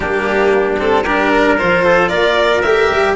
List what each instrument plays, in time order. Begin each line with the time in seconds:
0.00 tuba G3, cello A#3, trumpet D4, violin G4
0.79 cello C4, violin A4
1.03 cello D4, trumpet G4, violin A#4
1.34 trumpet A#4
1.57 tuba F3, cello F4, violin C5
1.84 trumpet A4
2.08 tuba A#3, trumpet A#4, violin D5
2.62 tuba A3, cello G4, violin E5
2.90 tuba G3